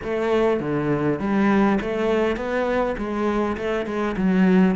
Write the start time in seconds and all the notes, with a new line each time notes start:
0.03 A3
0.60 D3
1.19 G3
1.81 A3
2.36 B3
2.97 G#3
3.57 A3
3.86 G#3
4.16 F#3